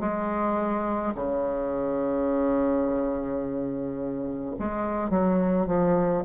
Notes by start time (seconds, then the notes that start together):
0.00 G#3
1.15 C#3
4.59 G#3
5.10 F#3
5.67 F3